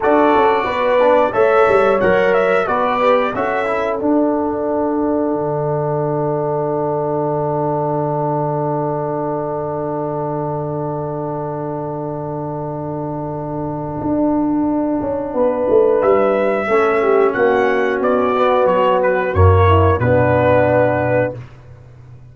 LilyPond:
<<
  \new Staff \with { instrumentName = "trumpet" } { \time 4/4 \tempo 4 = 90 d''2 e''4 fis''8 e''8 | d''4 e''4 fis''2~ | fis''1~ | fis''1~ |
fis''1~ | fis''1 | e''2 fis''4 d''4 | cis''8 b'8 cis''4 b'2 | }
  \new Staff \with { instrumentName = "horn" } { \time 4/4 a'4 b'4 cis''2 | b'4 a'2.~ | a'1~ | a'1~ |
a'1~ | a'2. b'4~ | b'4 a'8 g'8 fis'2~ | fis'4. e'8 d'2 | }
  \new Staff \with { instrumentName = "trombone" } { \time 4/4 fis'4. d'8 a'4 ais'4 | fis'8 g'8 fis'8 e'8 d'2~ | d'1~ | d'1~ |
d'1~ | d'1~ | d'4 cis'2~ cis'8 b8~ | b4 ais4 b2 | }
  \new Staff \with { instrumentName = "tuba" } { \time 4/4 d'8 cis'8 b4 a8 g8 fis4 | b4 cis'4 d'2 | d1~ | d1~ |
d1~ | d4 d'4. cis'8 b8 a8 | g4 a4 ais4 b4 | fis4 fis,4 b,2 | }
>>